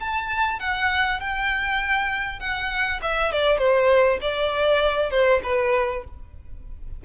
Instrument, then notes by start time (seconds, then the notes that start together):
violin
0.00 A5
0.60 F#5
1.20 G5
2.40 F#5
3.02 E5
3.32 D5
3.58 C5
4.21 D5
5.10 C5
5.43 B4